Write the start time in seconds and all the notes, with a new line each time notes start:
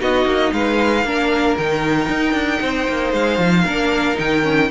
0.00 B3 D#4 F#4 D#5
0.25 A#3
0.52 G#3 B4 F5
1.04 A#3 D4 A#4
1.57 D#3 D#4 G5
2.08 D#4
2.33 D4
2.61 C4 C5
2.88 A#3
3.13 G#3 F5
3.38 F3
3.64 A#3 D4 A#4
4.15 D#3 D#4 G5
4.43 C#4